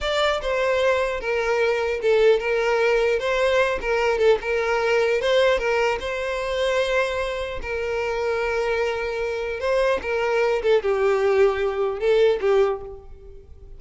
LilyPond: \new Staff \with { instrumentName = "violin" } { \time 4/4 \tempo 4 = 150 d''4 c''2 ais'4~ | ais'4 a'4 ais'2 | c''4. ais'4 a'8 ais'4~ | ais'4 c''4 ais'4 c''4~ |
c''2. ais'4~ | ais'1 | c''4 ais'4. a'8 g'4~ | g'2 a'4 g'4 | }